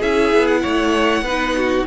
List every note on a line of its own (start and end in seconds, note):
0.00 0.33 C#4
0.00 1.26 E4
0.00 0.62 G#4
0.00 0.48 E5
0.34 0.64 B3
0.48 1.87 F#5
0.62 1.22 A3
0.62 1.24 C#5
1.22 1.84 B3
1.22 1.87 D#4
1.22 1.56 B4
1.57 1.87 F#4